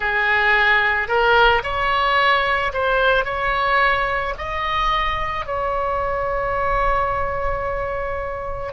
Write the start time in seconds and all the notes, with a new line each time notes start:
0.00 G#4
1.08 A#4
1.63 C#5
2.73 C5
3.24 C#5
4.37 D#5
5.45 C#5